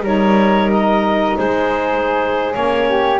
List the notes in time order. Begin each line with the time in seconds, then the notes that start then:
0.00 G3 D#4 A#4 C#5
0.71 D#5
1.37 G#3 G#4 C5
2.51 A#3 C#4 C#5
2.88 G4